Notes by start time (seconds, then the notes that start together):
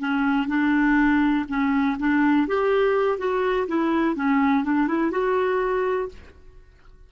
0.00 C#4
0.48 D4
1.49 C#4
2.00 D4
2.48 G4
3.19 F#4
3.68 E4
4.16 C#4
4.65 D4
4.88 E4
5.12 F#4